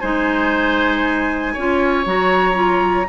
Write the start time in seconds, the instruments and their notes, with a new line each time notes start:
0.00 bassoon G#3, clarinet D#4, oboe C5, flute G#5
1.53 bassoon C#4, clarinet F4, oboe C#5
2.05 bassoon F#3, clarinet F#4, flute A#5
2.54 clarinet F4